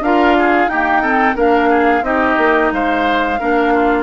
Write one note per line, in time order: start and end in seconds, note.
0.00 0.67 D4
0.00 0.71 F4
0.00 0.37 A#4
0.00 0.69 F5
0.38 0.71 G#4
0.67 1.02 A#3
0.67 1.35 D#4
0.67 1.02 G4
0.67 1.36 G5
1.02 1.36 C4
1.02 1.35 A4
1.35 2.02 A#3
1.35 2.03 D4
1.35 1.69 A#4
1.35 2.04 F5
1.69 2.03 G#4
2.02 2.36 C4
2.02 3.37 D#4
2.02 2.73 G4
2.02 2.71 D#5
2.37 2.71 A#3
2.72 3.39 G#3
2.72 3.39 C5
2.72 4.03 F5
3.39 4.03 A#3
3.39 4.03 D4
3.39 3.73 A#4
3.73 4.03 F4